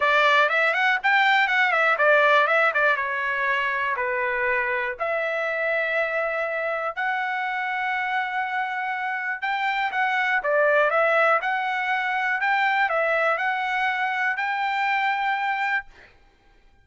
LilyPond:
\new Staff \with { instrumentName = "trumpet" } { \time 4/4 \tempo 4 = 121 d''4 e''8 fis''8 g''4 fis''8 e''8 | d''4 e''8 d''8 cis''2 | b'2 e''2~ | e''2 fis''2~ |
fis''2. g''4 | fis''4 d''4 e''4 fis''4~ | fis''4 g''4 e''4 fis''4~ | fis''4 g''2. | }